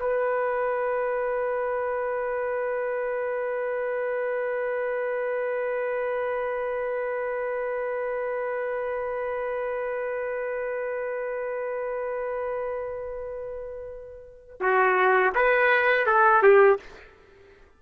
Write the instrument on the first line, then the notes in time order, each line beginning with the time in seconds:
trumpet
0.00 B4
14.60 F#4
15.35 B4
16.06 A4
16.43 G4